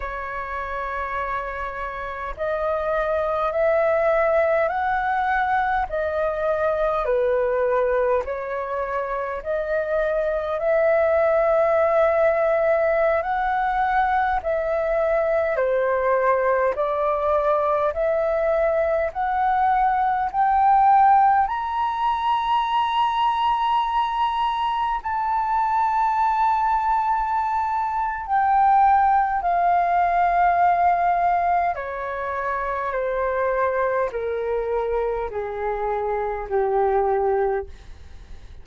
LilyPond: \new Staff \with { instrumentName = "flute" } { \time 4/4 \tempo 4 = 51 cis''2 dis''4 e''4 | fis''4 dis''4 b'4 cis''4 | dis''4 e''2~ e''16 fis''8.~ | fis''16 e''4 c''4 d''4 e''8.~ |
e''16 fis''4 g''4 ais''4.~ ais''16~ | ais''4~ ais''16 a''2~ a''8. | g''4 f''2 cis''4 | c''4 ais'4 gis'4 g'4 | }